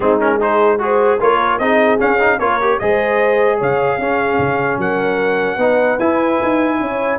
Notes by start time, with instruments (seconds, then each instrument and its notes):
0.00 tuba G#3, trombone C4, horn D#4, trumpet G#4
0.20 trombone C#4, trumpet A#4
0.36 trombone D#4, horn G#4, trumpet C5
0.79 trombone F#4, trumpet G#4, horn C5
1.19 tuba A#3, trombone F4, horn A#4, trumpet C#5
1.59 tuba C4, trombone D#4, horn G#4, trumpet D#5
1.99 trombone C#4, tuba C#4, trumpet F5
2.19 trombone D#4
2.39 tuba A#3, trombone F4, horn A#4, trumpet C#5
2.61 trombone G4
2.79 tuba G#3, trombone G#4, horn C5, trumpet D#5
3.58 tuba C#3, horn C#5, trumpet F5
3.98 tuba C#4, trombone C#4, horn G#4
4.38 tuba C#3
4.77 tuba F#3, horn A#4, trumpet F#5
5.56 tuba B3, trombone D#4, horn B4
5.99 tuba E4, trombone E4, trumpet G#5
6.42 tuba D#4
6.80 tuba C#4, horn C#5